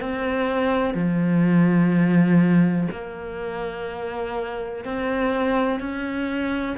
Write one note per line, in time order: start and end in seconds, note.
0.00 0.94 C4
0.94 2.88 F3
2.91 4.84 A#3
4.84 5.79 C4
5.79 6.76 C#4